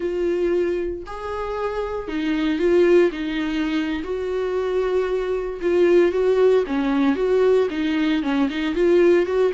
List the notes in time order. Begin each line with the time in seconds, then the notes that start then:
0.00 F4
1.06 G#4
2.08 D#4
2.58 F4
3.11 D#4
4.03 F#4
5.61 F4
6.11 F#4
6.66 C#4
7.15 F#4
7.70 D#4
8.22 C#4
8.49 D#4
8.75 F4
9.26 F#4